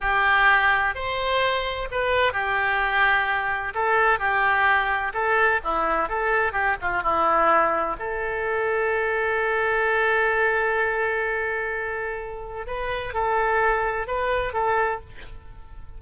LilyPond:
\new Staff \with { instrumentName = "oboe" } { \time 4/4 \tempo 4 = 128 g'2 c''2 | b'4 g'2. | a'4 g'2 a'4 | e'4 a'4 g'8 f'8 e'4~ |
e'4 a'2.~ | a'1~ | a'2. b'4 | a'2 b'4 a'4 | }